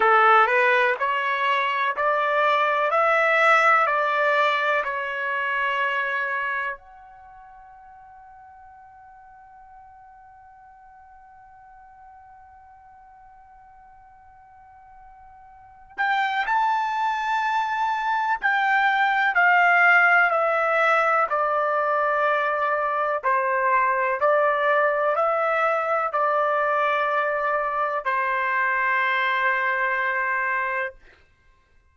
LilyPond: \new Staff \with { instrumentName = "trumpet" } { \time 4/4 \tempo 4 = 62 a'8 b'8 cis''4 d''4 e''4 | d''4 cis''2 fis''4~ | fis''1~ | fis''1~ |
fis''8 g''8 a''2 g''4 | f''4 e''4 d''2 | c''4 d''4 e''4 d''4~ | d''4 c''2. | }